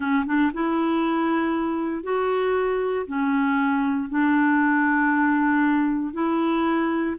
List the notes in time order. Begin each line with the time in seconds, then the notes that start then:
0.00 C#4
0.25 D4
0.53 E4
2.03 F#4
3.06 C#4
4.09 D4
6.13 E4